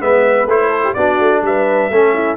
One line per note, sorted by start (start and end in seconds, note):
0.00 0.46 G#3
0.00 0.47 B3
0.00 0.69 B4
0.00 0.48 E5
0.46 0.93 A3
0.46 0.96 E4
0.46 0.93 C5
0.69 0.81 A4
0.83 0.95 G4
0.93 1.19 B3
0.93 1.91 D4
0.93 1.43 F#4
0.93 1.41 D5
1.19 1.42 A3
1.42 1.89 G3
1.42 1.91 B4
1.42 2.36 E5
1.90 2.36 A3
1.90 2.36 C#4
1.90 2.14 A4
2.14 2.36 E4